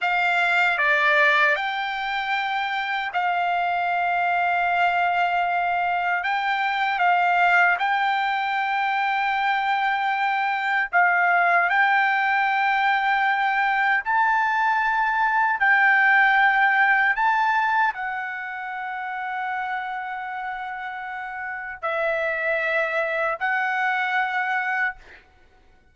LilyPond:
\new Staff \with { instrumentName = "trumpet" } { \time 4/4 \tempo 4 = 77 f''4 d''4 g''2 | f''1 | g''4 f''4 g''2~ | g''2 f''4 g''4~ |
g''2 a''2 | g''2 a''4 fis''4~ | fis''1 | e''2 fis''2 | }